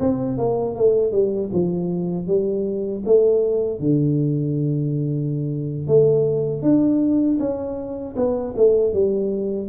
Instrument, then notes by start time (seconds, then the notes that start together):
tuba
0.00 C4
0.38 A#3
0.76 A3
1.12 G3
1.53 F3
2.27 G3
3.06 A3
3.80 D3
5.88 A3
6.62 D4
7.39 C#4
8.16 B3
8.57 A3
8.93 G3